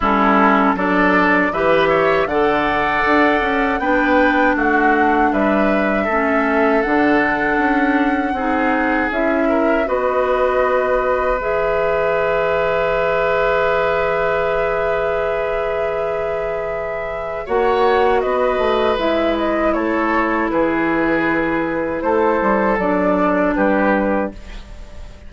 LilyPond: <<
  \new Staff \with { instrumentName = "flute" } { \time 4/4 \tempo 4 = 79 a'4 d''4 e''4 fis''4~ | fis''4 g''4 fis''4 e''4~ | e''4 fis''2. | e''4 dis''2 e''4~ |
e''1~ | e''2. fis''4 | dis''4 e''8 dis''8 cis''4 b'4~ | b'4 c''4 d''4 b'4 | }
  \new Staff \with { instrumentName = "oboe" } { \time 4/4 e'4 a'4 b'8 cis''8 d''4~ | d''4 b'4 fis'4 b'4 | a'2. gis'4~ | gis'8 ais'8 b'2.~ |
b'1~ | b'2. cis''4 | b'2 a'4 gis'4~ | gis'4 a'2 g'4 | }
  \new Staff \with { instrumentName = "clarinet" } { \time 4/4 cis'4 d'4 g'4 a'4~ | a'4 d'2. | cis'4 d'2 dis'4 | e'4 fis'2 gis'4~ |
gis'1~ | gis'2. fis'4~ | fis'4 e'2.~ | e'2 d'2 | }
  \new Staff \with { instrumentName = "bassoon" } { \time 4/4 g4 fis4 e4 d4 | d'8 cis'8 b4 a4 g4 | a4 d4 cis'4 c'4 | cis'4 b2 e4~ |
e1~ | e2. ais4 | b8 a8 gis4 a4 e4~ | e4 a8 g8 fis4 g4 | }
>>